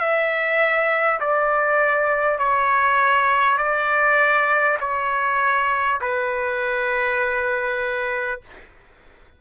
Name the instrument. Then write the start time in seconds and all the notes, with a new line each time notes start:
trumpet
0.00 E5
1.21 D5
2.39 C#5
3.58 D5
4.81 C#5
6.01 B4